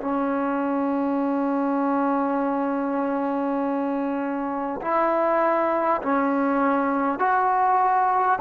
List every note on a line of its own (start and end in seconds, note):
0.00 4.80 C#4
4.81 6.01 E4
6.02 7.19 C#4
7.19 8.39 F#4